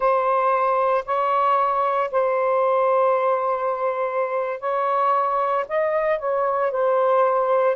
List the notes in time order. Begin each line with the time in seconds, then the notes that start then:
0.00 C5
1.05 C#5
2.11 C5
4.59 C#5
5.68 D#5
6.18 C#5
6.71 C5